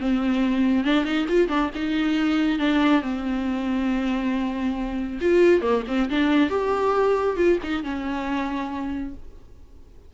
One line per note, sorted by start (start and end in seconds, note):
0.00 0.85 C4
0.85 1.05 D4
1.05 1.26 D#4
1.29 1.49 F4
1.49 1.71 D4
1.75 2.59 D#4
2.59 3.02 D4
3.02 5.20 C4
5.21 5.62 F4
5.62 5.83 A#3
5.88 6.10 C4
6.10 6.50 D4
6.50 7.37 G4
7.37 7.59 F4
7.63 7.84 D#4
7.84 9.14 C#4